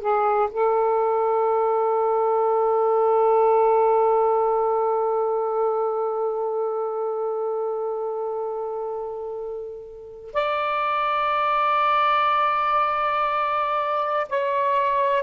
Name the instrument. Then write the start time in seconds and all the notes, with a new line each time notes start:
saxophone
0.00 G#4
0.51 A4
10.34 D5
14.29 C#5